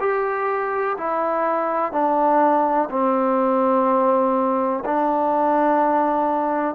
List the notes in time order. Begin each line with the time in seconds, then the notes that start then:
0.00 G4
0.98 E4
1.93 D4
2.91 C4
4.86 D4